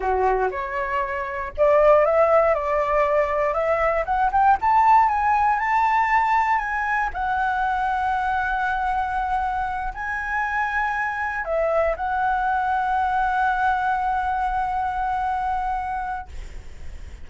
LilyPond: \new Staff \with { instrumentName = "flute" } { \time 4/4 \tempo 4 = 118 fis'4 cis''2 d''4 | e''4 d''2 e''4 | fis''8 g''8 a''4 gis''4 a''4~ | a''4 gis''4 fis''2~ |
fis''2.~ fis''8 gis''8~ | gis''2~ gis''8 e''4 fis''8~ | fis''1~ | fis''1 | }